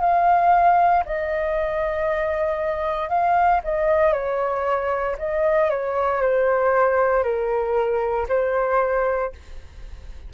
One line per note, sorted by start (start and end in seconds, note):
0.00 1.03 F5
1.05 3.08 D#5
3.08 3.60 F5
3.63 4.12 D#5
4.12 5.16 C#5
5.18 5.69 D#5
5.69 6.21 C#5
6.21 7.23 C5
7.23 8.27 A#4
8.29 9.32 C5